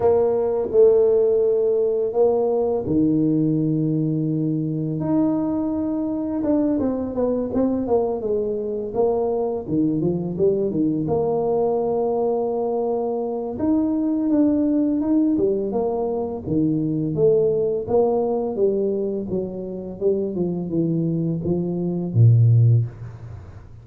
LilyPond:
\new Staff \with { instrumentName = "tuba" } { \time 4/4 \tempo 4 = 84 ais4 a2 ais4 | dis2. dis'4~ | dis'4 d'8 c'8 b8 c'8 ais8 gis8~ | gis8 ais4 dis8 f8 g8 dis8 ais8~ |
ais2. dis'4 | d'4 dis'8 g8 ais4 dis4 | a4 ais4 g4 fis4 | g8 f8 e4 f4 ais,4 | }